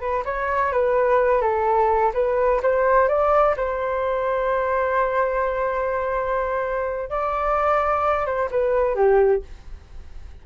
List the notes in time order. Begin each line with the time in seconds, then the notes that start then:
0.00 B4
0.25 C#5
0.72 B4
1.41 A4
2.14 B4
2.63 C5
3.08 D5
3.56 C5
7.10 D5
8.26 C5
8.51 B4
8.95 G4